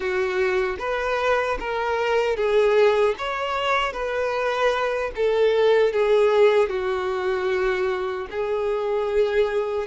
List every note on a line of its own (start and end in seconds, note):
0.00 0.76 F#4
0.79 1.58 B4
1.59 2.36 A#4
2.36 3.15 G#4
3.18 3.92 C#5
3.92 5.11 B4
5.15 5.92 A4
5.92 6.69 G#4
6.69 8.27 F#4
8.30 9.87 G#4